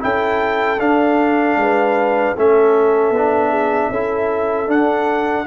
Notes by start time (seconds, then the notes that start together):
0.00 C#4 E4 A4 G5
0.80 D4 F5
1.56 G#3 B4
2.36 A3 C#4 A4 E5
3.10 B3
3.16 D4
3.50 G#4
3.90 C#4 E4 A4
4.67 D4 F#5